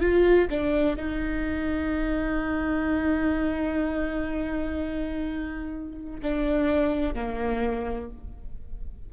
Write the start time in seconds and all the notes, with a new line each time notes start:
0.00 F4
0.50 D4
0.96 D#4
6.22 D4
7.14 A#3